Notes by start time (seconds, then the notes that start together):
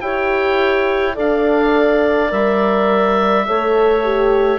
0.00 E4 G4 C#5 G5
1.14 D4 A4 D5 F5
2.29 G3 A#4 E5
3.46 A3 A4 C#5
4.03 G4